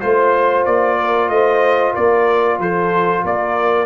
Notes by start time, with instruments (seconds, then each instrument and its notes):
0.00 tuba A3, trombone F4, trumpet C5, horn C5
0.65 tuba A#3, trumpet D5
0.99 horn A#4
1.29 tuba A3, horn C5, trumpet D#5
1.93 tuba A#3, horn A#4, trumpet D5
2.59 tuba F3, horn A4, trumpet C5
3.24 tuba A#3, horn A#4, trumpet D5